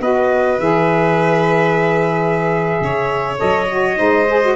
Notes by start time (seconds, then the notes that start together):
0.00 B3 F#4 B4 D#5
0.59 E3 G#4 E5
2.80 C#3 C#5
3.37 F#3 A4 D#5
3.69 F#4
3.96 G#3 D#4 C5
4.29 G#4
4.42 F#4